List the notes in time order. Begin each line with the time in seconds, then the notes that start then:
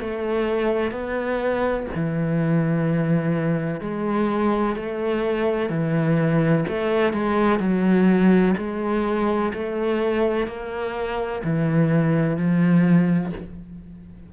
0.00 A3
0.91 B3
1.95 E3
3.81 G#3
4.76 A3
5.69 E3
6.68 A3
7.13 G#3
7.59 F#3
8.57 G#3
9.53 A3
10.47 A#3
11.44 E3
12.37 F3